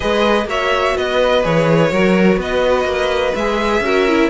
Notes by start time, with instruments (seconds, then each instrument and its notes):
0.00 cello G#3, viola G#4, violin B4 D#5
0.45 cello A#3, viola F#4, violin C#5 E5
0.96 cello B3, violin B4 D#5
1.42 cello E3, viola G#4, violin C#5
1.91 cello F#3, viola F#4, violin A#4
2.37 cello B3, violin B4 D#5
2.85 cello A#3
3.35 cello G#3, viola G#4, violin E5
3.80 cello C#4, viola F#4, violin A#4
4.08 viola E4